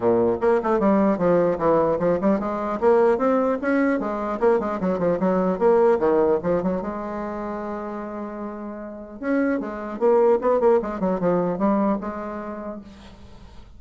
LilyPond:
\new Staff \with { instrumentName = "bassoon" } { \time 4/4 \tempo 4 = 150 ais,4 ais8 a8 g4 f4 | e4 f8 g8 gis4 ais4 | c'4 cis'4 gis4 ais8 gis8 | fis8 f8 fis4 ais4 dis4 |
f8 fis8 gis2.~ | gis2. cis'4 | gis4 ais4 b8 ais8 gis8 fis8 | f4 g4 gis2 | }